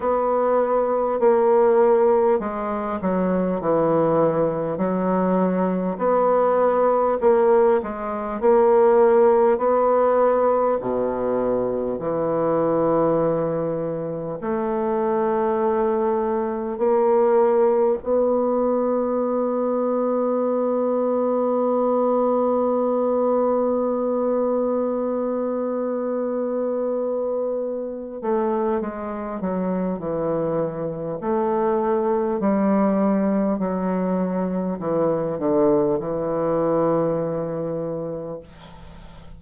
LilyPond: \new Staff \with { instrumentName = "bassoon" } { \time 4/4 \tempo 4 = 50 b4 ais4 gis8 fis8 e4 | fis4 b4 ais8 gis8 ais4 | b4 b,4 e2 | a2 ais4 b4~ |
b1~ | b2.~ b8 a8 | gis8 fis8 e4 a4 g4 | fis4 e8 d8 e2 | }